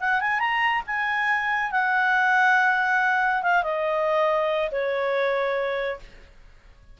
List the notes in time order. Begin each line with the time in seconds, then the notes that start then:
0.00 F#5
0.21 G#5
0.39 A#5
0.86 G#5
1.71 F#5
3.42 F5
3.63 D#5
4.71 C#5